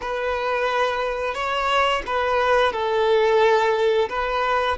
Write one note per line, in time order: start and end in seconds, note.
0.01 1.34 B4
1.34 2.02 C#5
2.06 2.72 B4
2.72 4.08 A4
4.09 4.77 B4